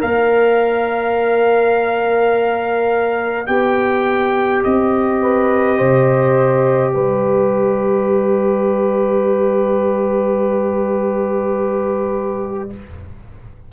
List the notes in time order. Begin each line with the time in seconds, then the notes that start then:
0.00 A#3 A#4 D5 F5
3.47 B3 G4 G5
4.64 C4 D#5
5.22 B4
5.78 C3 C5
6.94 G3 B4 D5